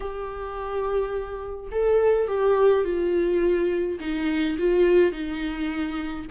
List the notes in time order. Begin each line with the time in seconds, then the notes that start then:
0.00 G4
1.71 A4
2.27 G4
2.84 F4
3.99 D#4
4.58 F4
5.11 D#4